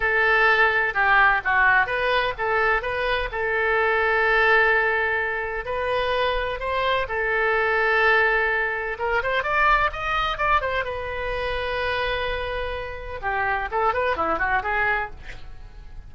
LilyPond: \new Staff \with { instrumentName = "oboe" } { \time 4/4 \tempo 4 = 127 a'2 g'4 fis'4 | b'4 a'4 b'4 a'4~ | a'1 | b'2 c''4 a'4~ |
a'2. ais'8 c''8 | d''4 dis''4 d''8 c''8 b'4~ | b'1 | g'4 a'8 b'8 e'8 fis'8 gis'4 | }